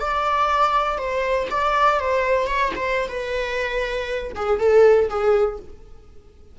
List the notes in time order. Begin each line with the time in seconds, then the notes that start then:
0.00 D5
0.98 C5
1.51 D5
2.00 C5
2.47 C#5
2.76 C5
3.09 B4
4.36 G#4
4.59 A4
5.10 G#4